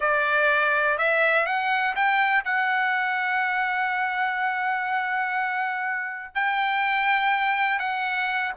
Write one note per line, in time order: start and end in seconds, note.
0.00 0.98 D5
0.98 1.46 E5
1.46 1.94 F#5
1.95 2.44 G5
2.44 6.34 F#5
6.34 7.79 G5
7.79 8.52 F#5